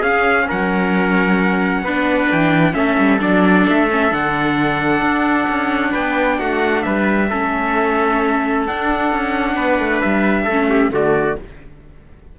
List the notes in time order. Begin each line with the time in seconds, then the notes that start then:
0.00 C#4 G#4 F5
0.48 F#3 A#4 F#5
1.83 B3 D4 B4
2.32 E3 G5
2.73 A3 C#4 A4 E5
2.99 G3
3.21 F#3 D4 D5
3.69 A3 E5
3.91 C#4
4.11 D3 D4 F#5
5.01 D4
5.49 C#4
5.92 B3 B4 G5
6.39 A3 F#4 F#5
6.83 G3 B4 E5
7.30 A3 C#4 A4
8.67 D4 F#5
9.13 C#4
9.55 B3 B4
9.79 A3
10.01 G3 E5
10.45 A3 A4
10.51 C#4
10.70 G4
10.90 D3 A3 F#4 D5